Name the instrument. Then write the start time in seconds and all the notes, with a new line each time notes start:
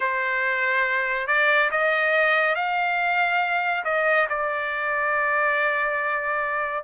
trumpet
0.00 C5
1.27 D5
1.71 D#5
2.55 F5
3.84 D#5
4.29 D5